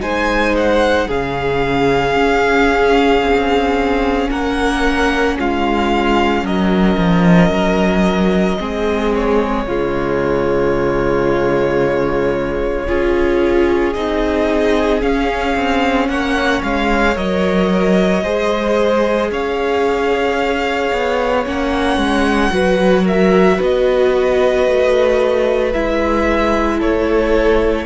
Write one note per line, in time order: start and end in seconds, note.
0.00 1.08 G#3
0.00 1.07 D#4
0.00 1.08 C5
0.00 0.55 G#5
0.57 1.10 F#5
1.08 2.16 C#3
1.08 8.58 C#4
1.08 4.29 G#4
1.08 4.30 F5
2.16 3.21 C#4
3.21 4.29 C4
4.30 5.38 A#3
4.30 5.37 A#4
4.30 5.37 F#5
5.39 6.43 G#3
5.39 6.44 F4
5.39 6.46 F5
6.43 6.96 F#3
6.43 8.58 A#4
6.43 9.14 D#5
6.97 7.50 F3
7.50 8.57 F#3
8.58 9.66 G#3
8.58 9.65 C4
8.58 9.66 G#4
9.15 13.93 C#5
9.66 12.87 C#3
9.66 12.87 G#3
9.66 12.87 F4
12.87 13.95 C#4
12.87 13.94 F4
12.87 16.08 G#4
13.93 15.02 C4
13.93 15.00 D#4
13.93 15.00 D#5
15.00 17.15 C#4
15.00 15.55 C#4
15.00 16.08 F5
15.55 16.08 C4
16.08 16.62 A#3
16.08 18.23 C#5
16.08 16.62 F#5
16.63 17.16 G#3
16.63 17.17 F5
17.15 18.23 F#3
17.15 18.22 A#4
17.15 19.31 D#5
18.23 19.31 G#3
18.23 21.44 G#4
18.23 19.30 C5
19.31 20.91 C#4
19.31 22.52 C#5
19.31 21.46 F5
20.92 21.46 B3
21.44 21.97 A#3
21.44 22.51 C#4
21.44 23.07 F#5
21.97 22.50 G#3
22.51 23.59 F#3
22.51 25.72 F#4
22.51 23.03 B4
23.03 23.56 A#4
23.03 23.61 E5
23.56 24.67 B3
23.56 26.78 B4
23.63 25.73 D#5
24.67 25.74 A3
25.73 26.81 G#3
25.73 27.86 E4
25.73 26.80 E5
26.78 27.86 A3
26.78 27.85 A4
26.78 27.86 C#5